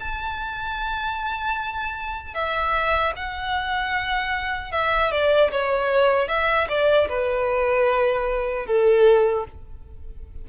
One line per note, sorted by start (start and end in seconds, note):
0.00 2.34 A5
2.34 3.13 E5
3.17 4.72 F#5
4.72 5.12 E5
5.12 5.51 D5
5.52 6.28 C#5
6.28 6.68 E5
6.69 7.08 D5
7.09 8.66 B4
8.66 9.45 A4